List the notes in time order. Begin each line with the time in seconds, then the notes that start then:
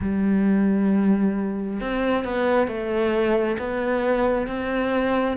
0.01 G3
1.80 C4
2.24 B3
2.67 A3
3.58 B3
4.47 C4